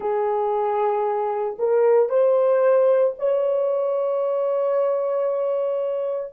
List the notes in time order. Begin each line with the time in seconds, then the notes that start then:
0.00 G#4
1.58 A#4
2.09 C5
3.19 C#5